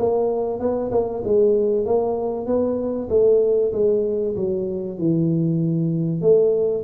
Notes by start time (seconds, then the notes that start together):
0.00 A#3
0.60 B3
0.92 A#3
1.25 G#3
1.86 A#3
2.47 B3
3.10 A3
3.73 G#3
4.36 F#3
4.99 E3
6.22 A3